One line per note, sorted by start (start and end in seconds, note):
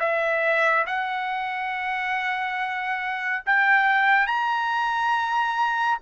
0.00 0.86 E5
0.87 3.44 F#5
3.46 4.27 G5
4.27 5.99 A#5